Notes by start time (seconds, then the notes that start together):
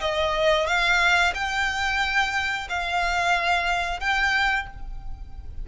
0.00 D#5
0.66 F5
1.34 G5
2.69 F5
4.00 G5